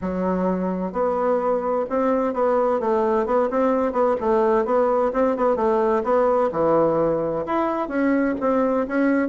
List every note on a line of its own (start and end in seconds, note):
0.01 0.92 F#3
0.92 1.85 B3
1.89 2.33 C4
2.33 2.79 B3
2.79 3.26 A3
3.26 3.49 B3
3.50 3.92 C4
3.92 4.15 B3
4.20 4.65 A3
4.65 5.11 B3
5.13 5.36 C4
5.36 5.56 B3
5.56 6.02 A3
6.03 6.50 B3
6.52 7.45 E3
7.46 7.88 E4
7.88 8.34 C#4
8.40 8.86 C4
8.87 9.28 C#4